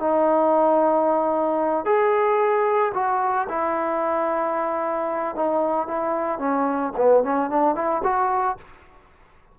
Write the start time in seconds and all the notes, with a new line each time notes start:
0.00 D#4
1.86 G#4
2.94 F#4
3.49 E4
5.36 D#4
5.88 E4
6.39 C#4
6.97 B3
7.24 C#4
7.50 D4
7.76 E4
8.04 F#4